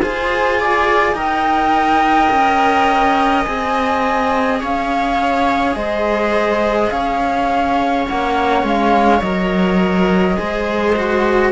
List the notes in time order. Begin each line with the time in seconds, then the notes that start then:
0.00 F4 G#4 C5 G#5
0.60 D5
1.13 D#4 A#4 D#5 G5
2.31 C#4
3.43 C4 G#4 G#5
4.61 C#4 C#5 F5
5.75 G#3 C5 D#5
6.91 C#4 C#5 F5
8.07 A#3 C#4 F#5
8.64 G#3 F5
9.21 F#3 A#4 D#5
10.37 G#3 G#4 C5
10.96 F#4